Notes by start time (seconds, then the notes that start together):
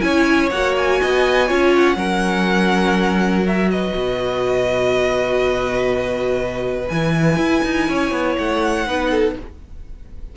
0.00 C#4 E4 C#5 G#5
0.50 A#3 F#4 F#5
0.77 G#5
1.01 B3 D#5
1.47 C#4 F4 C#5
1.74 F#5
1.95 F#3 C#4 A#4
3.44 F#4 E5
3.70 B4 D#5
3.93 B2
6.88 E3 E4 G#5
7.36 E4
7.64 D#4
7.88 C#4 C#5
8.11 B3
8.37 A3 F#5
8.85 B3 D#4 B4
9.10 A4